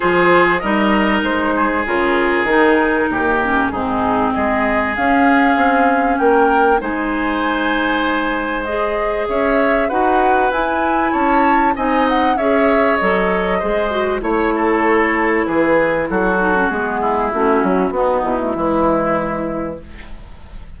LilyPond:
<<
  \new Staff \with { instrumentName = "flute" } { \time 4/4 \tempo 4 = 97 c''4 dis''4 c''4 ais'4~ | ais'2 gis'4 dis''4 | f''2 g''4 gis''4~ | gis''2 dis''4 e''4 |
fis''4 gis''4 a''4 gis''8 fis''8 | e''4 dis''2 cis''4~ | cis''4 b'4 a'4 gis'4 | fis'4. e'2~ e'8 | }
  \new Staff \with { instrumentName = "oboe" } { \time 4/4 gis'4 ais'4. gis'4.~ | gis'4 g'4 dis'4 gis'4~ | gis'2 ais'4 c''4~ | c''2. cis''4 |
b'2 cis''4 dis''4 | cis''2 c''4 cis''8 a'8~ | a'4 gis'4 fis'4. e'8~ | e'4 dis'4 e'2 | }
  \new Staff \with { instrumentName = "clarinet" } { \time 4/4 f'4 dis'2 f'4 | dis'4. cis'8 c'2 | cis'2. dis'4~ | dis'2 gis'2 |
fis'4 e'2 dis'4 | gis'4 a'4 gis'8 fis'8 e'4~ | e'2~ e'8 dis'16 cis'16 b4 | cis'4 b8. a16 gis2 | }
  \new Staff \with { instrumentName = "bassoon" } { \time 4/4 f4 g4 gis4 cis4 | dis4 dis,4 gis,4 gis4 | cis'4 c'4 ais4 gis4~ | gis2. cis'4 |
dis'4 e'4 cis'4 c'4 | cis'4 fis4 gis4 a4~ | a4 e4 fis4 gis4 | a8 fis8 b8 b,8 e2 | }
>>